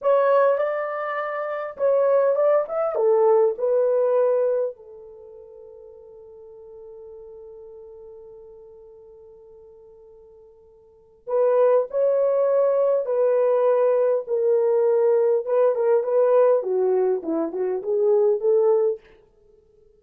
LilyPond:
\new Staff \with { instrumentName = "horn" } { \time 4/4 \tempo 4 = 101 cis''4 d''2 cis''4 | d''8 e''8 a'4 b'2 | a'1~ | a'1~ |
a'2. b'4 | cis''2 b'2 | ais'2 b'8 ais'8 b'4 | fis'4 e'8 fis'8 gis'4 a'4 | }